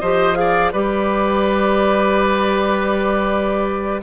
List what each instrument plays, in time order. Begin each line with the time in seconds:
0.00 bassoon F3, clarinet G4, oboe C5, flute D#5
0.35 clarinet G#4, oboe D5, flute F5
0.72 bassoon G3, clarinet G4, oboe B4, flute D5